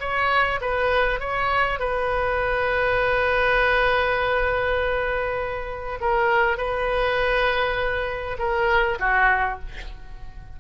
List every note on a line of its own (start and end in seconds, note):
0.00 0.60 C#5
0.61 1.20 B4
1.20 1.79 C#5
1.79 5.99 B4
6.01 6.58 A#4
6.58 8.38 B4
8.39 8.99 A#4
8.99 9.59 F#4